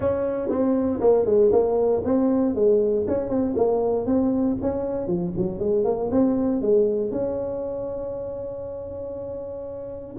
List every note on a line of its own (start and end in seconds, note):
0.00 0.49 C#4
0.49 0.99 C4
1.00 1.25 A#3
1.25 1.51 G#3
1.52 2.02 A#3
2.04 2.54 C4
2.54 3.05 G#3
3.07 3.29 C#4
3.29 3.54 C4
3.55 4.05 A#3
4.05 4.56 C4
4.61 5.07 C#4
5.07 5.33 F3
5.36 5.59 F#3
5.59 5.84 G#3
5.84 6.09 A#3
6.11 6.61 C4
6.61 7.11 G#3
7.11 10.16 C#4